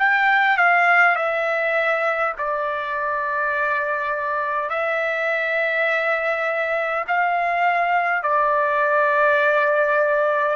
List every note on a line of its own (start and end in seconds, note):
0.00 0.58 G5
0.58 1.16 F5
1.16 2.34 E5
2.39 4.70 D5
4.70 7.05 E5
7.08 8.24 F5
8.24 10.57 D5